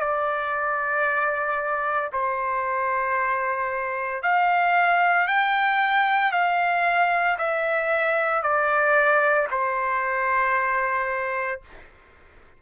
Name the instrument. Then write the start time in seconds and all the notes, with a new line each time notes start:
trumpet
0.00 D5
2.12 C5
4.23 F5
5.27 G5
6.32 F5
7.38 E5
8.43 D5
9.51 C5